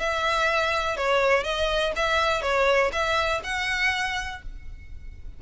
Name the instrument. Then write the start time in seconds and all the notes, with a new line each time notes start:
violin
0.00 E5
0.97 C#5
1.44 D#5
1.96 E5
2.42 C#5
2.92 E5
3.44 F#5